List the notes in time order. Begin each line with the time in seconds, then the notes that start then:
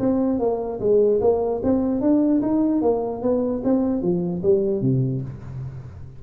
0.00 C4
0.40 A#3
0.80 G#3
1.21 A#3
1.63 C4
2.01 D4
2.42 D#4
2.82 A#3
3.23 B3
3.64 C4
4.02 F3
4.43 G3
4.82 C3